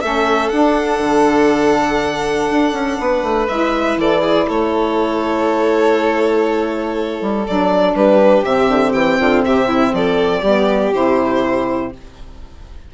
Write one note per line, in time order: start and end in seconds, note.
0.00 0.51 A3
0.00 0.51 C#4
0.00 3.00 A4
0.00 0.49 E5
0.49 0.99 D4
0.49 3.47 D4
0.49 3.46 F#5
0.99 2.48 D3
2.50 2.72 D4
2.72 2.97 C#4
2.99 3.22 B3
2.99 3.99 B4
3.22 3.47 A3
3.47 3.96 G#3
3.47 7.44 E4
3.47 3.97 E5
3.96 4.46 E3
3.96 4.21 A4
3.96 4.49 D5
4.21 4.46 G#4
4.48 7.21 A3
4.48 7.95 A4
4.48 7.46 C#5
7.21 7.46 G3
7.46 7.94 F#3
7.46 8.44 D4
7.46 7.95 D5
7.94 8.43 G3
7.94 9.19 G4
7.94 8.44 B4
8.43 8.68 C3
8.43 10.43 C4
8.43 8.92 E5
8.68 8.93 D3
8.92 9.18 E3
8.92 9.42 G5
9.19 9.44 D3
9.19 9.44 F4
9.45 9.93 C3
9.45 9.67 G4
9.45 9.94 E5
9.67 9.92 E4
9.93 10.42 F3
9.93 10.41 A4
9.93 10.93 D5
10.41 10.91 G3
10.41 10.93 B3
10.41 11.90 G4
10.93 11.93 C3
10.93 11.92 E4
10.93 11.92 C5